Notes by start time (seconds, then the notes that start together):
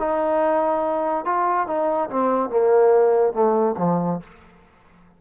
0.00 D#4
1.25 F4
1.68 D#4
2.10 C4
2.50 A#3
3.34 A3
3.78 F3